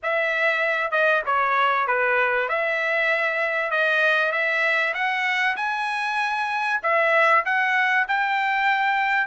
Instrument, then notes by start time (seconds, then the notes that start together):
trumpet
0.03 E5
0.91 D#5
1.25 C#5
1.87 B4
2.49 E5
3.71 D#5
4.32 E5
4.93 F#5
5.56 G#5
6.82 E5
7.45 F#5
8.08 G5